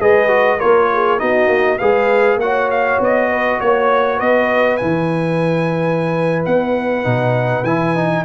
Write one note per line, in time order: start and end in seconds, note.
0.00 0.60 G#3
0.00 0.29 G#4
0.00 0.58 B4
0.00 0.60 D#5
0.29 0.59 F#4
0.58 1.22 A#3
0.58 1.19 F4
0.58 0.88 A#4
0.58 1.20 C#5
0.93 1.20 G#4
1.19 1.48 B3
1.19 1.79 D#4
1.19 1.79 F#4
1.19 1.78 D#5
1.48 1.78 A#3
1.78 2.37 G#3
1.78 2.41 G#4
1.78 2.39 B4
1.78 2.38 F5
2.37 2.97 A#3
2.37 4.80 F#4
2.37 2.71 F#5
2.43 3.30 C#5
2.71 3.01 F5
3.00 3.60 B3
3.00 3.61 D#5
3.30 3.60 B4
3.61 4.21 A#3
3.61 4.20 C#5
3.61 4.17 C#5
4.17 4.81 B3
4.17 8.22 B4
4.17 4.78 D#5
4.78 6.47 E3
4.78 7.04 E4
4.78 6.42 G#5
6.46 7.06 B3
6.46 7.65 F#5
7.04 7.63 B2
7.04 7.64 D#4
7.63 8.23 E3
7.63 7.96 E4
7.63 8.25 G#5
7.96 8.25 D#4